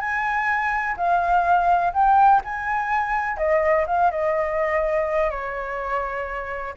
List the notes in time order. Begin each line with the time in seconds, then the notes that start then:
0.00 G#5
0.97 F5
1.93 G5
2.45 G#5
3.37 D#5
3.87 F5
4.11 D#5
5.31 C#5